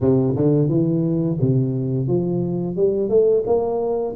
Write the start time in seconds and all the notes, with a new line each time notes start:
0.01 C3
0.36 D3
0.68 E3
1.40 C3
2.07 F3
2.76 G3
3.09 A3
3.46 A#3